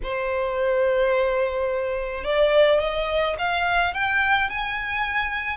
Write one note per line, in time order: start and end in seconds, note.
0.03 2.24 C5
2.24 2.80 D5
2.80 3.36 D#5
3.38 3.94 F5
3.94 4.49 G5
4.49 5.57 G#5